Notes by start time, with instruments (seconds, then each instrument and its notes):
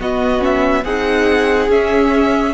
0.00 viola B3, cello B3, violin F#4 D#5
0.40 viola C#4, violin E5
0.84 cello C4, viola D#4, violin G#4 F#5
1.69 cello C#4, viola C#4, violin E5